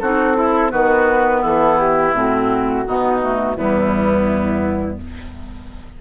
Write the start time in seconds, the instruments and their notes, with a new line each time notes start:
0.00 bassoon C4, clarinet D#4, oboe F#4, flute A4
0.35 clarinet E4, oboe E4
0.70 bassoon D#3, clarinet B3, oboe F#4, flute B4
1.41 bassoon E3, oboe E4, flute A4
1.79 flute G4
2.14 bassoon A2, clarinet C4, flute F#4
2.87 bassoon B2, clarinet B3, oboe D#4
3.22 clarinet A3
3.56 bassoon E2, clarinet G3, oboe B3, flute E4